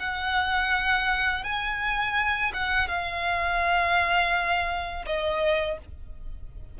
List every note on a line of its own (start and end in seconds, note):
0.00 1.44 F#5
1.44 2.53 G#5
2.54 2.88 F#5
2.88 5.05 F5
5.06 5.78 D#5